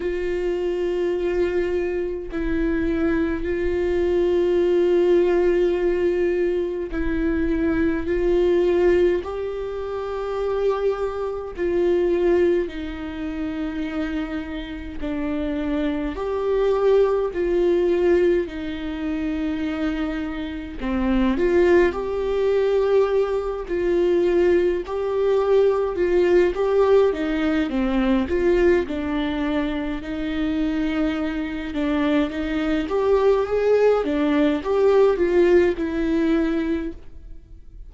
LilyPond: \new Staff \with { instrumentName = "viola" } { \time 4/4 \tempo 4 = 52 f'2 e'4 f'4~ | f'2 e'4 f'4 | g'2 f'4 dis'4~ | dis'4 d'4 g'4 f'4 |
dis'2 c'8 f'8 g'4~ | g'8 f'4 g'4 f'8 g'8 dis'8 | c'8 f'8 d'4 dis'4. d'8 | dis'8 g'8 gis'8 d'8 g'8 f'8 e'4 | }